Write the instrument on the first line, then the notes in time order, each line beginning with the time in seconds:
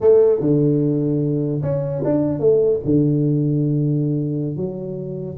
tuba
0.00 A3
0.40 D3
1.62 C#4
2.04 D4
2.39 A3
2.85 D3
4.56 F#3